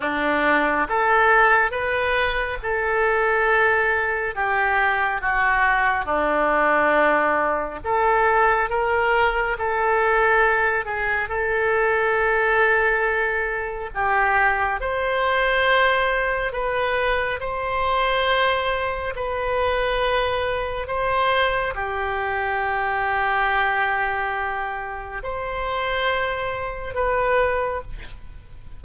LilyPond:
\new Staff \with { instrumentName = "oboe" } { \time 4/4 \tempo 4 = 69 d'4 a'4 b'4 a'4~ | a'4 g'4 fis'4 d'4~ | d'4 a'4 ais'4 a'4~ | a'8 gis'8 a'2. |
g'4 c''2 b'4 | c''2 b'2 | c''4 g'2.~ | g'4 c''2 b'4 | }